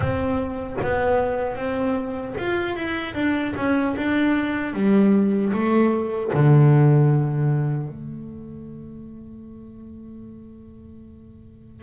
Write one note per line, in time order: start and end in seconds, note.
0.00 0.76 C4
0.82 1.55 B3
1.55 2.34 C4
2.38 2.76 F4
2.76 3.14 E4
3.14 3.53 D4
3.56 3.95 C#4
3.96 4.73 D4
4.73 5.52 G3
5.52 6.31 A3
6.33 7.88 D3
7.88 11.83 A3